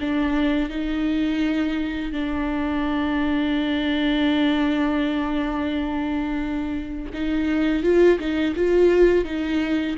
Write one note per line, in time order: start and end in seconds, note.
0.00 0.69 D4
0.69 2.12 D#4
2.12 7.12 D4
7.13 7.83 D#4
7.83 8.19 F4
8.19 8.55 D#4
8.56 9.25 F4
9.25 9.96 D#4